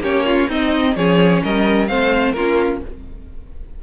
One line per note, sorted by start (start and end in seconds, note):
0.00 0.47 A#3
0.00 0.49 C#4
0.00 0.26 G4
0.00 0.50 C#5
0.27 0.49 F4
0.49 0.96 C4
0.49 0.97 C4
0.49 0.95 D#4
0.49 0.97 D#5
0.96 1.43 F3
0.96 1.89 C#4
0.96 1.43 G#4
0.96 1.43 C#5
1.44 1.90 G3
1.44 1.90 A#4
1.44 1.88 D#5
1.88 2.35 A3
1.88 2.35 C4
1.88 2.36 C5
1.88 2.33 F5
2.33 2.81 A#3
2.33 2.83 C#4
2.33 2.83 F4
2.33 2.79 A#4